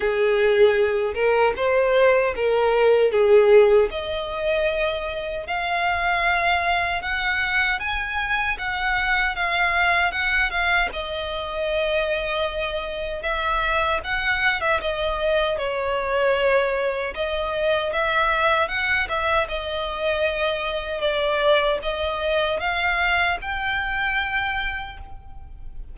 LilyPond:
\new Staff \with { instrumentName = "violin" } { \time 4/4 \tempo 4 = 77 gis'4. ais'8 c''4 ais'4 | gis'4 dis''2 f''4~ | f''4 fis''4 gis''4 fis''4 | f''4 fis''8 f''8 dis''2~ |
dis''4 e''4 fis''8. e''16 dis''4 | cis''2 dis''4 e''4 | fis''8 e''8 dis''2 d''4 | dis''4 f''4 g''2 | }